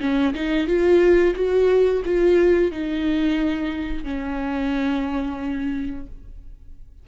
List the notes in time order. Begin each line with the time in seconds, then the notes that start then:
0.00 C#4
0.34 D#4
0.66 F4
1.35 F#4
2.05 F4
2.71 D#4
4.04 C#4